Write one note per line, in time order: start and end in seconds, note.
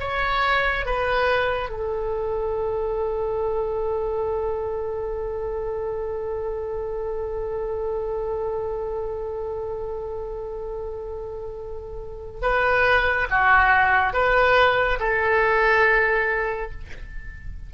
0.00 0.86 C#5
0.86 1.69 B4
1.69 12.41 A4
12.42 13.28 B4
13.30 14.14 F#4
14.14 14.99 B4
15.00 16.71 A4